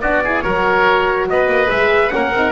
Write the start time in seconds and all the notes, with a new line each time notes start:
0.00 B3 D4 F#4 D5
0.24 E4 G#4
0.41 F#3 F#4 A#4 C#5
1.29 B3 B4 D#5
1.47 A#3
1.69 G#3 G#4 E5
2.09 C#4 A#4 F#5
2.15 A#3
2.31 C4 D#4